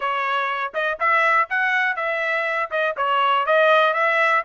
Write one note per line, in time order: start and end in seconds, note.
0.00 0.72 C#5
0.74 0.98 D#5
0.99 1.48 E5
1.49 1.96 F#5
1.96 2.69 E5
2.70 2.95 D#5
2.96 3.46 C#5
3.46 3.93 D#5
3.93 4.43 E5